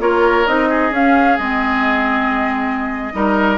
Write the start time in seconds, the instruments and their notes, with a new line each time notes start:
0.00 bassoon A#3, clarinet F4, oboe A#4, flute C#5
0.46 bassoon C4, clarinet D#4, flute D#5
0.69 oboe G#4
0.91 bassoon C#4, clarinet C#4, flute F5
1.38 bassoon G#3, clarinet C4, flute D#5
3.13 bassoon G3, clarinet D#4, oboe A#4